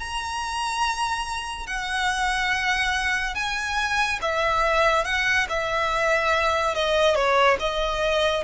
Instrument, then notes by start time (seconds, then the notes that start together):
violin
0.00 A#5
1.67 F#5
3.35 G#5
4.22 E5
5.05 F#5
5.49 E5
6.75 D#5
7.15 C#5
7.60 D#5